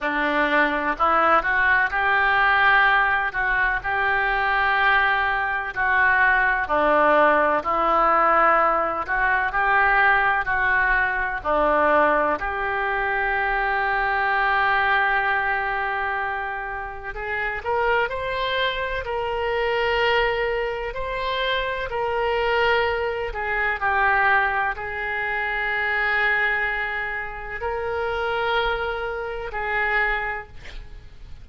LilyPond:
\new Staff \with { instrumentName = "oboe" } { \time 4/4 \tempo 4 = 63 d'4 e'8 fis'8 g'4. fis'8 | g'2 fis'4 d'4 | e'4. fis'8 g'4 fis'4 | d'4 g'2.~ |
g'2 gis'8 ais'8 c''4 | ais'2 c''4 ais'4~ | ais'8 gis'8 g'4 gis'2~ | gis'4 ais'2 gis'4 | }